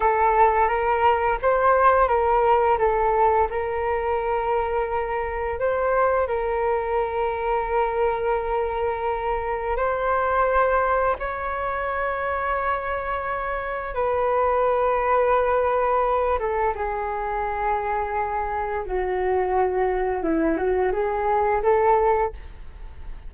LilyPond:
\new Staff \with { instrumentName = "flute" } { \time 4/4 \tempo 4 = 86 a'4 ais'4 c''4 ais'4 | a'4 ais'2. | c''4 ais'2.~ | ais'2 c''2 |
cis''1 | b'2.~ b'8 a'8 | gis'2. fis'4~ | fis'4 e'8 fis'8 gis'4 a'4 | }